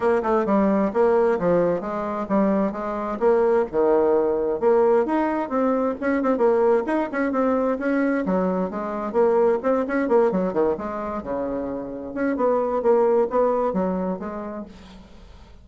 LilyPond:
\new Staff \with { instrumentName = "bassoon" } { \time 4/4 \tempo 4 = 131 ais8 a8 g4 ais4 f4 | gis4 g4 gis4 ais4 | dis2 ais4 dis'4 | c'4 cis'8 c'8 ais4 dis'8 cis'8 |
c'4 cis'4 fis4 gis4 | ais4 c'8 cis'8 ais8 fis8 dis8 gis8~ | gis8 cis2 cis'8 b4 | ais4 b4 fis4 gis4 | }